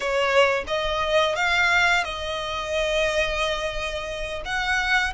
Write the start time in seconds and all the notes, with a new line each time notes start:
0.00 C#5
0.67 D#5
1.35 F5
2.04 D#5
4.45 F#5